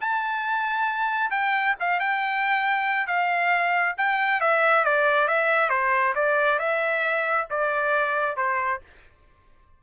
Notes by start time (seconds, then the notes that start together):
0.00 A5
1.30 G5
1.79 F5
2.00 G5
3.07 F5
3.97 G5
4.40 E5
4.84 D5
5.27 E5
5.69 C5
6.14 D5
6.59 E5
7.50 D5
8.36 C5